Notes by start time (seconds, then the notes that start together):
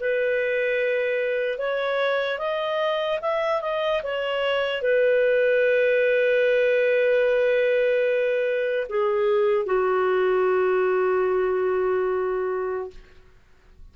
0.00 B4
1.58 C#5
2.38 D#5
3.21 E5
3.62 D#5
4.03 C#5
4.82 B4
8.89 G#4
9.66 F#4